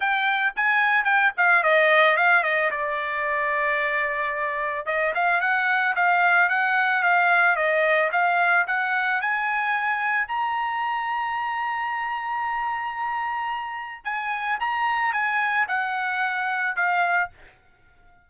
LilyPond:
\new Staff \with { instrumentName = "trumpet" } { \time 4/4 \tempo 4 = 111 g''4 gis''4 g''8 f''8 dis''4 | f''8 dis''8 d''2.~ | d''4 dis''8 f''8 fis''4 f''4 | fis''4 f''4 dis''4 f''4 |
fis''4 gis''2 ais''4~ | ais''1~ | ais''2 gis''4 ais''4 | gis''4 fis''2 f''4 | }